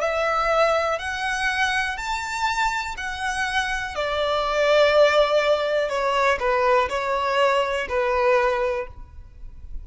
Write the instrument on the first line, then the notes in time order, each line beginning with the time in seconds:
violin
0.00 E5
0.98 F#5
1.97 A5
2.97 F#5
3.95 D5
5.89 C#5
6.39 B4
6.89 C#5
7.89 B4